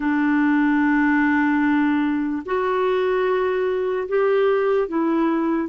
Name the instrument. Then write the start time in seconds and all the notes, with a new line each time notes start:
clarinet
0.00 D4
2.45 F#4
4.08 G4
4.88 E4